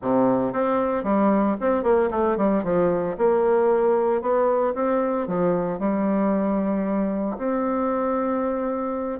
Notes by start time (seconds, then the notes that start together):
0.02 C3
0.52 C4
1.03 G3
1.60 C4
1.83 A#3
2.11 A3
2.37 G3
2.63 F3
3.17 A#3
4.21 B3
4.74 C4
5.27 F3
5.79 G3
7.37 C4